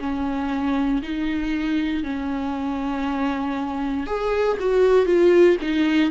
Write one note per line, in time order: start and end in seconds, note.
0.00 1.02 C#4
1.02 2.04 D#4
2.04 4.07 C#4
4.07 4.58 G#4
4.60 5.06 F#4
5.06 5.57 F4
5.62 6.11 D#4